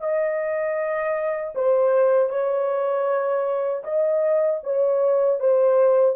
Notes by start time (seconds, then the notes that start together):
0.00 D#5
1.55 C5
2.29 C#5
3.84 D#5
4.63 C#5
5.40 C5